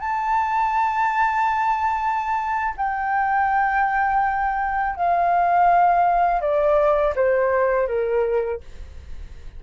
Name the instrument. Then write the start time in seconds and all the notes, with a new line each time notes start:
flute
0.00 A5
2.77 G5
4.96 F5
6.41 D5
7.16 C5
7.88 A#4